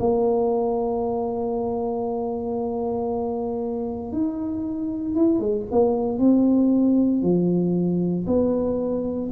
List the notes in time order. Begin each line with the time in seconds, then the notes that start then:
0.00 A#3
4.12 D#4
5.15 E4
5.40 G#3
5.71 A#3
6.19 C4
7.22 F3
8.27 B3